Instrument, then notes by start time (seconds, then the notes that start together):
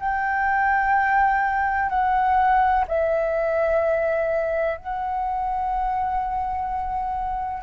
flute
0.00 G5
1.90 F#5
2.88 E5
4.77 F#5